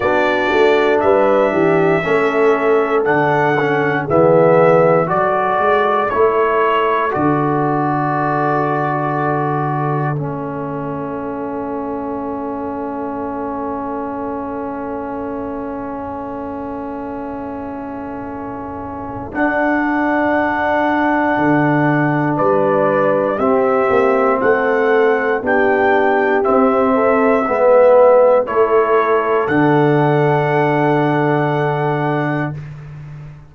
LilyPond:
<<
  \new Staff \with { instrumentName = "trumpet" } { \time 4/4 \tempo 4 = 59 d''4 e''2 fis''4 | e''4 d''4 cis''4 d''4~ | d''2 e''2~ | e''1~ |
e''2. fis''4~ | fis''2 d''4 e''4 | fis''4 g''4 e''2 | cis''4 fis''2. | }
  \new Staff \with { instrumentName = "horn" } { \time 4/4 fis'4 b'8 g'8 a'2 | gis'4 a'2.~ | a'1~ | a'1~ |
a'1~ | a'2 b'4 g'4 | a'4 g'4. a'8 b'4 | a'1 | }
  \new Staff \with { instrumentName = "trombone" } { \time 4/4 d'2 cis'4 d'8 cis'8 | b4 fis'4 e'4 fis'4~ | fis'2 cis'2~ | cis'1~ |
cis'2. d'4~ | d'2. c'4~ | c'4 d'4 c'4 b4 | e'4 d'2. | }
  \new Staff \with { instrumentName = "tuba" } { \time 4/4 b8 a8 g8 e8 a4 d4 | e4 fis8 gis8 a4 d4~ | d2 a2~ | a1~ |
a2. d'4~ | d'4 d4 g4 c'8 ais8 | a4 b4 c'4 gis4 | a4 d2. | }
>>